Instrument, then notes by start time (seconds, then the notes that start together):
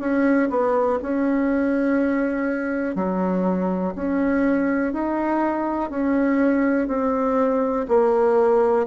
bassoon
0.00 C#4
0.50 B3
1.02 C#4
2.96 F#3
3.96 C#4
4.93 D#4
5.91 C#4
6.88 C4
7.88 A#3